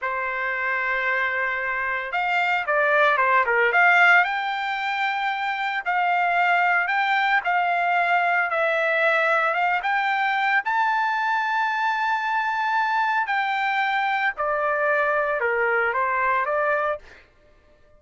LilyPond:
\new Staff \with { instrumentName = "trumpet" } { \time 4/4 \tempo 4 = 113 c''1 | f''4 d''4 c''8 ais'8 f''4 | g''2. f''4~ | f''4 g''4 f''2 |
e''2 f''8 g''4. | a''1~ | a''4 g''2 d''4~ | d''4 ais'4 c''4 d''4 | }